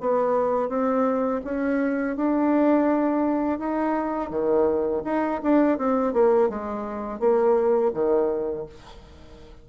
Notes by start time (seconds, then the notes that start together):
0.00 B3
0.68 C4
1.44 C#4
2.16 D4
3.58 D#4
4.30 D#3
5.04 D#4
5.42 D4
5.78 C4
6.13 A#3
6.49 G#3
7.19 A#3
7.93 D#3